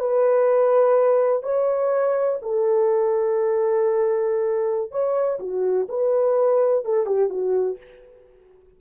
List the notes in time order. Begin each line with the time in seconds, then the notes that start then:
0.00 B4
1.43 C#5
2.42 A4
4.92 C#5
5.40 F#4
5.89 B4
6.85 A4
7.07 G4
7.30 F#4